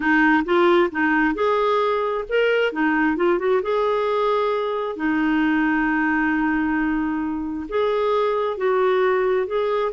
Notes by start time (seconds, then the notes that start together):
0.00 D#4
0.44 F4
0.91 D#4
1.34 G#4
2.28 A#4
2.72 D#4
3.16 F4
3.39 F#4
3.62 G#4
4.96 D#4
7.68 G#4
8.57 F#4
9.46 G#4